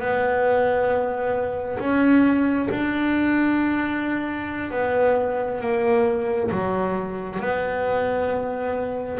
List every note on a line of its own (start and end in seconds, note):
0.00 1.79 B3
1.80 2.69 C#4
2.70 4.71 D4
4.71 5.61 B3
5.61 6.51 A#3
6.51 7.40 F#3
7.40 9.19 B3